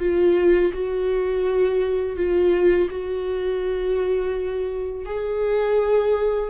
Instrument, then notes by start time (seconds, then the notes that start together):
viola
0.00 F4
0.74 F#4
2.17 F4
2.90 F#4
5.06 G#4